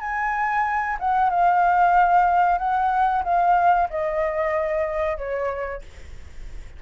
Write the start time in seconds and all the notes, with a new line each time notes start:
0.00 G#5
0.99 F#5
1.30 F5
2.58 F#5
3.24 F5
3.90 D#5
5.17 C#5